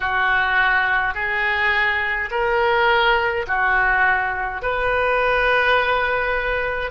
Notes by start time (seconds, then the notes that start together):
0.00 F#4
1.14 G#4
2.30 A#4
3.47 F#4
4.62 B4